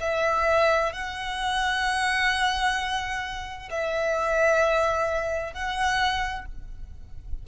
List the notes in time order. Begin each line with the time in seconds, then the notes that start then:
0.00 E5
0.92 F#5
3.70 E5
5.53 F#5